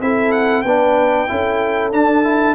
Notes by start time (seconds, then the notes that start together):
0.00 C4 E4 A4 E5
0.31 F#5
0.61 B3 D4 B4 G5
1.27 C#4 E4 A4
1.91 D4 A5
2.23 E4